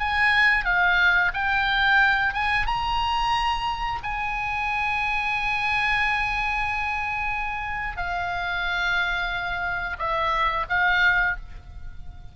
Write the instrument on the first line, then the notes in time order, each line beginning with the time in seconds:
oboe
0.00 G#5
0.65 F5
1.34 G5
2.34 G#5
2.67 A#5
4.04 G#5
7.97 F5
9.99 E5
10.70 F5